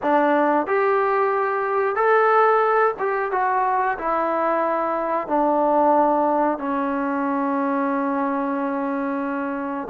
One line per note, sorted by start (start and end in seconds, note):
0.02 0.67 D4
0.67 1.95 G4
1.95 2.94 A4
2.99 3.31 G4
3.31 3.97 F#4
3.98 5.27 E4
5.27 6.58 D4
6.58 9.88 C#4